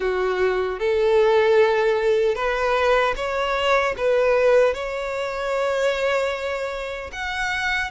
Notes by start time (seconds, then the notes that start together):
0.00 F#4
0.79 A4
2.35 B4
3.16 C#5
3.97 B4
4.74 C#5
7.12 F#5